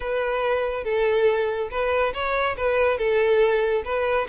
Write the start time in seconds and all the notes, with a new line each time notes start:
0.00 B4
0.84 A4
1.70 B4
2.13 C#5
2.56 B4
2.98 A4
3.85 B4